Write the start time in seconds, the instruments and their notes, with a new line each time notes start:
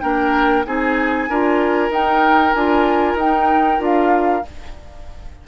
0.00 bassoon A#3, clarinet D4, oboe A#4, flute G5
0.65 bassoon C4, clarinet D#4, oboe G#4, flute G#5
1.29 bassoon D4, clarinet F4, oboe A#4
1.90 bassoon D#4, clarinet D#4, flute G5
2.53 bassoon D4, clarinet F4, flute G#5
3.14 bassoon D#4, clarinet D#4, flute G5
3.79 bassoon D4, clarinet F4, flute F5